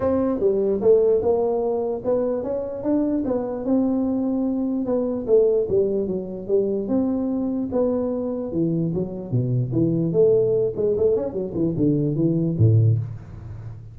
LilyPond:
\new Staff \with { instrumentName = "tuba" } { \time 4/4 \tempo 4 = 148 c'4 g4 a4 ais4~ | ais4 b4 cis'4 d'4 | b4 c'2. | b4 a4 g4 fis4 |
g4 c'2 b4~ | b4 e4 fis4 b,4 | e4 a4. gis8 a8 cis'8 | fis8 e8 d4 e4 a,4 | }